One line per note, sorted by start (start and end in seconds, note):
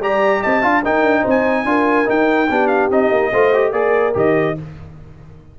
0.00 0.41 G3
0.00 0.62 G4
0.00 0.41 D5
0.00 0.42 A#5
0.41 0.63 C4
0.41 0.62 D#5
0.41 0.84 A5
0.62 0.84 D4
0.62 0.83 F4
0.62 0.82 F5
0.84 1.66 D#4
0.84 1.03 D#4
0.84 1.21 A#4
0.84 1.26 G5
1.03 1.23 D4
1.21 1.65 C4
1.21 1.62 C5
1.30 2.10 G#5
1.65 2.06 D4
1.65 2.05 F4
1.65 2.50 A#4
2.05 2.47 D#4
2.05 2.50 D#4
2.05 2.67 G5
2.50 2.90 B3
2.50 2.91 D4
2.50 3.31 G4
2.67 2.88 F5
2.90 3.11 C4
2.90 3.32 D#4
2.90 3.72 D#5
3.11 3.32 A#3
3.31 3.72 A3
3.31 3.54 F4
3.31 3.73 C5
3.54 3.74 G4
3.72 4.14 A#3
3.72 4.14 G#4
3.72 4.57 A#4
3.72 4.13 D5
4.14 4.57 D#3
4.14 4.55 G4
4.14 4.59 D#5